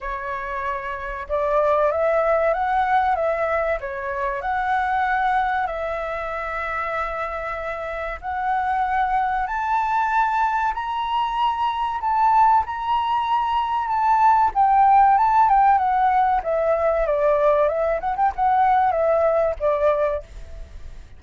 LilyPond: \new Staff \with { instrumentName = "flute" } { \time 4/4 \tempo 4 = 95 cis''2 d''4 e''4 | fis''4 e''4 cis''4 fis''4~ | fis''4 e''2.~ | e''4 fis''2 a''4~ |
a''4 ais''2 a''4 | ais''2 a''4 g''4 | a''8 g''8 fis''4 e''4 d''4 | e''8 fis''16 g''16 fis''4 e''4 d''4 | }